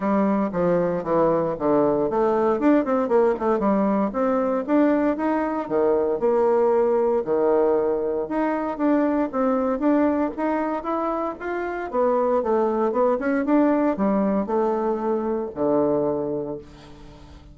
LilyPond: \new Staff \with { instrumentName = "bassoon" } { \time 4/4 \tempo 4 = 116 g4 f4 e4 d4 | a4 d'8 c'8 ais8 a8 g4 | c'4 d'4 dis'4 dis4 | ais2 dis2 |
dis'4 d'4 c'4 d'4 | dis'4 e'4 f'4 b4 | a4 b8 cis'8 d'4 g4 | a2 d2 | }